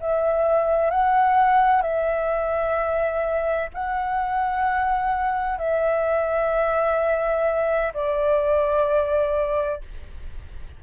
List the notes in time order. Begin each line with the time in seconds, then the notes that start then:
0.00 E5
0.91 F#5
1.82 E5
3.74 F#5
5.58 E5
7.94 D5